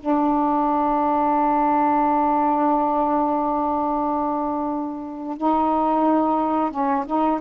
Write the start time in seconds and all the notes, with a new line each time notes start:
0.00 D4
5.38 D#4
6.71 C#4
7.06 D#4